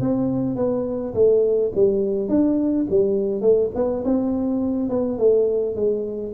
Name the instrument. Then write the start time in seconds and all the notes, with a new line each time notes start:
tuba
0.00 C4
0.56 B3
1.14 A3
1.75 G3
2.28 D4
2.90 G3
3.41 A3
3.75 B3
4.04 C4
4.89 B3
5.18 A3
5.75 G#3